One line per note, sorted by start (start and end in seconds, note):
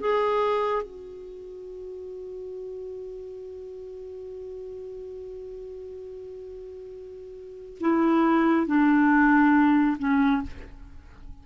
0.00 0.83 G#4
0.83 7.79 F#4
7.80 8.67 E4
8.67 9.97 D4
9.99 10.42 C#4